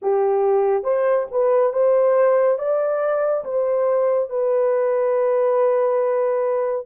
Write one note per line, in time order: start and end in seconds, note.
0.02 0.83 G4
0.83 1.26 C5
1.31 1.72 B4
1.72 2.58 C5
2.58 3.44 D5
3.44 4.29 C5
4.29 6.86 B4